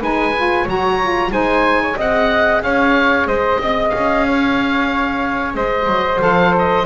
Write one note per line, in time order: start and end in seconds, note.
0.00 0.67 G#3
0.00 0.34 D#4
0.00 0.63 B4
0.00 0.68 G#5
0.36 0.67 F4
0.63 1.31 F#3
0.63 1.00 F#4
0.63 1.29 C#5
0.63 1.32 A#5
1.01 1.31 F4
1.31 1.96 G#3
1.31 1.96 D#4
1.31 1.82 C5
1.31 1.98 G#5
1.82 1.97 C#5
1.96 2.62 C4
1.96 6.19 G#4
1.96 2.62 D#5
1.96 2.63 F#5
2.62 3.26 C#4
2.62 3.28 C#5
2.62 3.27 F5
3.26 3.59 G#3
3.26 3.60 C5
3.26 3.89 D#5
3.59 3.92 C4
3.59 4.26 D#5
3.89 5.55 C#4
3.89 5.52 F5
4.27 5.56 C#5
5.55 5.87 G#3
5.55 6.86 C5
5.55 6.21 D#5
5.87 6.20 F#3
6.19 6.86 F3
6.19 6.84 A4
6.19 6.54 F5
6.58 6.86 D#5